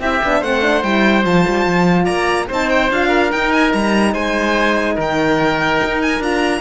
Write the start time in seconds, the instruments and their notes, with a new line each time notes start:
0.00 cello C4, horn E4, oboe G4, violin E5
0.24 cello B3, horn D4
0.40 cello A3, horn C4, oboe C5, violin F#5
0.62 horn D4
0.83 cello G3, horn E4, violin G5
1.24 cello F3, horn F4, violin A5
1.47 cello G3
1.67 cello F3
2.05 cello A#3, oboe D5, violin A#5
2.48 cello C4, horn D#4, oboe C5, violin A5
2.70 violin G5
2.91 cello D4, horn F4, violin F5
3.08 oboe A#4
3.32 cello D#4, horn D#4, violin G5
3.52 violin G#5
3.73 cello G3, violin A#5
4.14 cello G#3, oboe C5, violin G#5
4.95 cello D#3, oboe A#4
5.01 violin G5
5.84 cello D#4
6.02 violin G#5
6.20 cello D4, horn F4, violin A#5